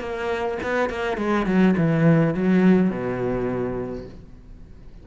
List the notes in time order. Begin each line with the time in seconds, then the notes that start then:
0.00 A#3
0.63 B3
0.89 A#3
1.17 G#3
1.46 F#3
1.77 E3
2.34 F#3
2.90 B2